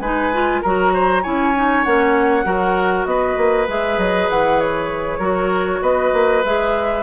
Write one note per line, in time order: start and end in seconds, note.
0.00 0.61 G#3
0.00 0.33 D#4
0.00 0.62 B4
0.00 0.62 G#5
0.33 0.64 F4
0.62 1.26 F#3
0.62 1.23 F#4
0.62 0.92 A#4
0.62 1.23 A#5
0.94 1.23 C5
1.23 1.86 C#4
1.23 1.54 E4
1.23 2.45 C#5
1.23 1.84 G#5
1.55 1.86 D#4
1.84 2.45 A#3
1.84 2.44 C#4
1.84 3.06 F#5
2.44 3.06 F#3
2.44 3.66 F#4
2.44 3.07 A#4
3.06 3.36 B3
3.06 5.19 B4
3.06 3.67 D#5
3.37 3.68 A#3
3.68 3.98 G#3
3.68 5.21 G#4
3.68 3.99 E5
3.98 4.29 F#3
3.98 4.30 D#5
4.30 5.19 E3
4.30 4.60 F#5
4.60 5.83 C#5
5.19 5.80 F#3
5.19 6.43 F#4
5.19 5.80 A#4
5.82 6.12 B3
5.82 7.03 B4
5.82 6.44 D#5
6.13 6.44 A#3
6.45 7.03 G#3
6.45 7.03 G#4
6.45 7.03 E5